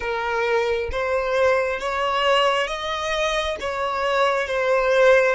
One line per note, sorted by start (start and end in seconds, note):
0.00 0.89 A#4
0.91 1.80 C5
1.80 2.67 C#5
2.67 3.56 D#5
3.60 4.47 C#5
4.47 5.35 C5